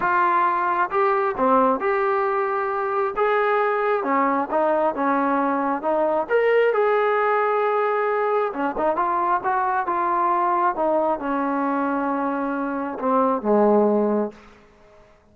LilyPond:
\new Staff \with { instrumentName = "trombone" } { \time 4/4 \tempo 4 = 134 f'2 g'4 c'4 | g'2. gis'4~ | gis'4 cis'4 dis'4 cis'4~ | cis'4 dis'4 ais'4 gis'4~ |
gis'2. cis'8 dis'8 | f'4 fis'4 f'2 | dis'4 cis'2.~ | cis'4 c'4 gis2 | }